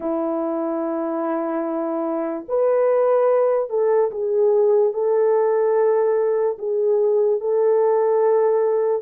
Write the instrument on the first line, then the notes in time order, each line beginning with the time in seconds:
horn
0.00 E4
2.48 B4
3.69 A4
4.11 G#4
4.93 A4
6.58 G#4
7.40 A4